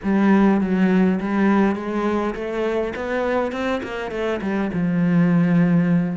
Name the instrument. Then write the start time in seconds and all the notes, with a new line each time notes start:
cello
0.03 G3
0.60 F#3
1.20 G3
1.75 G#3
2.34 A3
2.95 B3
3.52 C4
3.83 A#3
4.11 A3
4.41 G3
4.73 F3